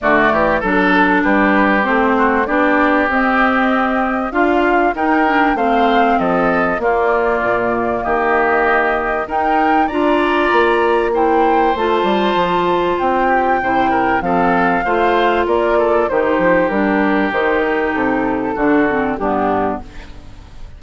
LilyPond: <<
  \new Staff \with { instrumentName = "flute" } { \time 4/4 \tempo 4 = 97 d''4 a'4 b'4 c''4 | d''4 dis''2 f''4 | g''4 f''4 dis''4 d''4~ | d''4 dis''2 g''4 |
ais''2 g''4 a''4~ | a''4 g''2 f''4~ | f''4 d''4 c''4 ais'4 | c''8 ais'8 a'2 g'4 | }
  \new Staff \with { instrumentName = "oboe" } { \time 4/4 fis'8 g'8 a'4 g'4. fis'8 | g'2. f'4 | ais'4 c''4 a'4 f'4~ | f'4 g'2 ais'4 |
d''2 c''2~ | c''4. g'8 c''8 ais'8 a'4 | c''4 ais'8 a'8 g'2~ | g'2 fis'4 d'4 | }
  \new Staff \with { instrumentName = "clarinet" } { \time 4/4 a4 d'2 c'4 | d'4 c'2 f'4 | dis'8 d'8 c'2 ais4~ | ais2. dis'4 |
f'2 e'4 f'4~ | f'2 e'4 c'4 | f'2 dis'4 d'4 | dis'2 d'8 c'8 b4 | }
  \new Staff \with { instrumentName = "bassoon" } { \time 4/4 d8 e8 fis4 g4 a4 | b4 c'2 d'4 | dis'4 a4 f4 ais4 | ais,4 dis2 dis'4 |
d'4 ais2 a8 g8 | f4 c'4 c4 f4 | a4 ais4 dis8 f8 g4 | dis4 c4 d4 g,4 | }
>>